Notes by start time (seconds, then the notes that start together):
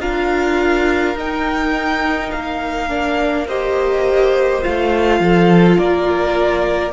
0.00 D4 F4 A#4 F5
1.15 D#4 G5
2.31 A#3 F5
2.89 D4
3.47 G4 C5 D#5
4.62 A3 F4 F5
5.20 F3 A4
5.78 A#3 A#4 D5